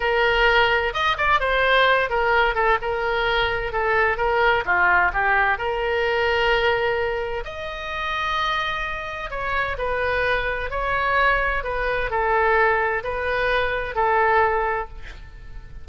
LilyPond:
\new Staff \with { instrumentName = "oboe" } { \time 4/4 \tempo 4 = 129 ais'2 dis''8 d''8 c''4~ | c''8 ais'4 a'8 ais'2 | a'4 ais'4 f'4 g'4 | ais'1 |
dis''1 | cis''4 b'2 cis''4~ | cis''4 b'4 a'2 | b'2 a'2 | }